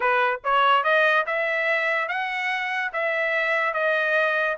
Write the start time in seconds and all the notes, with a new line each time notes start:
0.00 B4
0.44 C#5
0.83 D#5
1.26 E5
2.08 F#5
2.92 E5
3.73 D#5